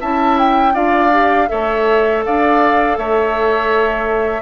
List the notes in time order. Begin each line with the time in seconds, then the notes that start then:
0.00 C#4 E4 E5 A5
0.39 G5
0.73 D4 F4 D5 F5
1.12 G4
1.48 A3 A4 C#5 E5
2.25 D4 D5 F5
2.97 A3 C#5 E5